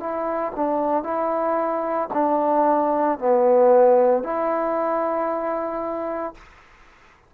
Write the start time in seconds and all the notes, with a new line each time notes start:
0.00 E4
0.56 D4
1.03 E4
2.13 D4
3.19 B3
4.23 E4